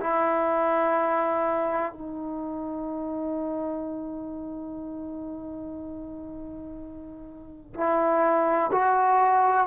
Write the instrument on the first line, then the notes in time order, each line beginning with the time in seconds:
trombone
0.00 E4
1.93 D#4
7.74 E4
8.72 F#4